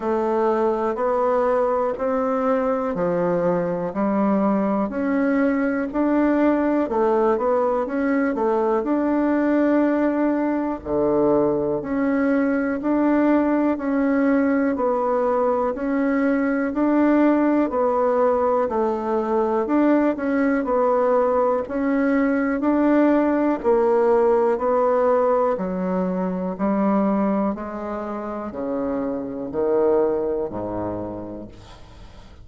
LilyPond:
\new Staff \with { instrumentName = "bassoon" } { \time 4/4 \tempo 4 = 61 a4 b4 c'4 f4 | g4 cis'4 d'4 a8 b8 | cis'8 a8 d'2 d4 | cis'4 d'4 cis'4 b4 |
cis'4 d'4 b4 a4 | d'8 cis'8 b4 cis'4 d'4 | ais4 b4 fis4 g4 | gis4 cis4 dis4 gis,4 | }